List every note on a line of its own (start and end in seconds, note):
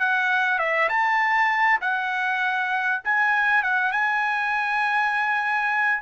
0.00 0.59 F#5
0.59 0.89 E5
0.90 1.80 A5
1.82 3.03 F#5
3.05 3.64 G#5
3.64 3.92 F#5
3.92 6.03 G#5